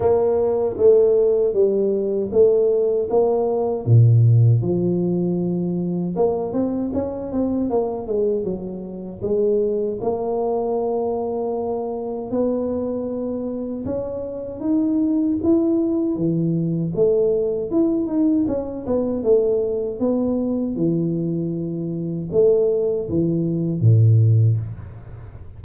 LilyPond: \new Staff \with { instrumentName = "tuba" } { \time 4/4 \tempo 4 = 78 ais4 a4 g4 a4 | ais4 ais,4 f2 | ais8 c'8 cis'8 c'8 ais8 gis8 fis4 | gis4 ais2. |
b2 cis'4 dis'4 | e'4 e4 a4 e'8 dis'8 | cis'8 b8 a4 b4 e4~ | e4 a4 e4 a,4 | }